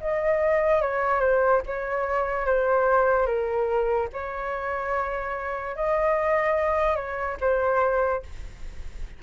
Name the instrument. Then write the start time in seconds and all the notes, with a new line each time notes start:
flute
0.00 D#5
0.81 C#5
1.20 C5
1.66 C#5
2.45 C5
3.26 A#4
4.12 C#5
5.76 D#5
6.96 C#5
7.40 C5